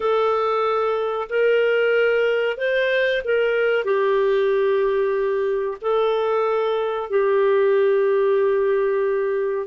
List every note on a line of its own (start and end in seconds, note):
0.00 1.28 A4
1.29 2.57 A#4
2.57 3.21 C5
3.24 3.84 A#4
3.84 5.77 G4
5.81 7.09 A4
7.09 9.66 G4